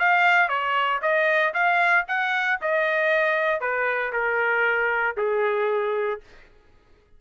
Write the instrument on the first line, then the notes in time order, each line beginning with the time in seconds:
trumpet
0.00 F5
0.49 C#5
1.02 D#5
1.54 F5
2.08 F#5
2.62 D#5
3.61 B4
4.13 A#4
5.17 G#4